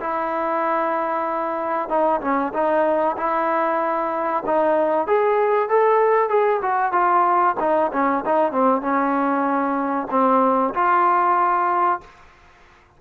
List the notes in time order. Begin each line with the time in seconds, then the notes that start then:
0.00 E4
1.89 D#4
2.21 C#4
2.53 D#4
3.17 E4
4.46 D#4
5.07 G#4
5.69 A4
6.29 G#4
6.61 F#4
6.92 F4
7.60 D#4
7.92 C#4
8.25 D#4
8.52 C4
8.81 C#4
10.10 C4
10.74 F4